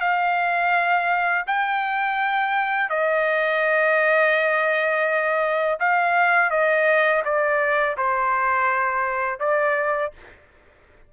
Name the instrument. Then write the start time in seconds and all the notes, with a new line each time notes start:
trumpet
0.00 F5
1.47 G5
2.89 D#5
5.79 F5
6.50 D#5
7.24 D5
7.97 C5
9.39 D5